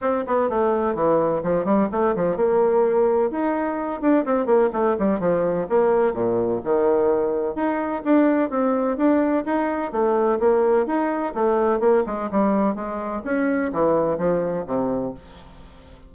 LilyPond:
\new Staff \with { instrumentName = "bassoon" } { \time 4/4 \tempo 4 = 127 c'8 b8 a4 e4 f8 g8 | a8 f8 ais2 dis'4~ | dis'8 d'8 c'8 ais8 a8 g8 f4 | ais4 ais,4 dis2 |
dis'4 d'4 c'4 d'4 | dis'4 a4 ais4 dis'4 | a4 ais8 gis8 g4 gis4 | cis'4 e4 f4 c4 | }